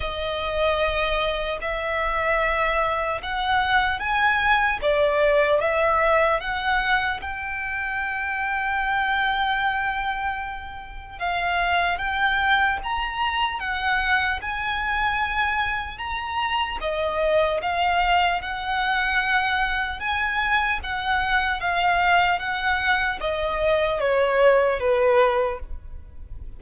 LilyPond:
\new Staff \with { instrumentName = "violin" } { \time 4/4 \tempo 4 = 75 dis''2 e''2 | fis''4 gis''4 d''4 e''4 | fis''4 g''2.~ | g''2 f''4 g''4 |
ais''4 fis''4 gis''2 | ais''4 dis''4 f''4 fis''4~ | fis''4 gis''4 fis''4 f''4 | fis''4 dis''4 cis''4 b'4 | }